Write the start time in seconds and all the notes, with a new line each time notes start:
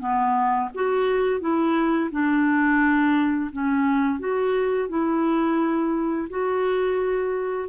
0.00 B3
0.75 F#4
1.41 E4
2.11 D4
3.52 C#4
4.19 F#4
4.89 E4
6.30 F#4